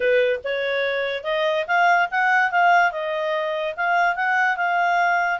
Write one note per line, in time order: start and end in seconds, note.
0.00 0.40 B4
0.44 1.23 C#5
1.23 1.65 D#5
1.67 2.08 F5
2.10 2.51 F#5
2.51 2.91 F5
2.91 3.74 D#5
3.76 4.15 F5
4.15 4.57 F#5
4.57 5.39 F5